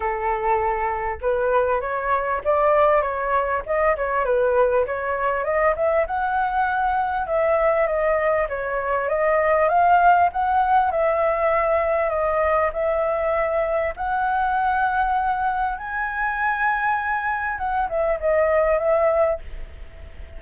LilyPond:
\new Staff \with { instrumentName = "flute" } { \time 4/4 \tempo 4 = 99 a'2 b'4 cis''4 | d''4 cis''4 dis''8 cis''8 b'4 | cis''4 dis''8 e''8 fis''2 | e''4 dis''4 cis''4 dis''4 |
f''4 fis''4 e''2 | dis''4 e''2 fis''4~ | fis''2 gis''2~ | gis''4 fis''8 e''8 dis''4 e''4 | }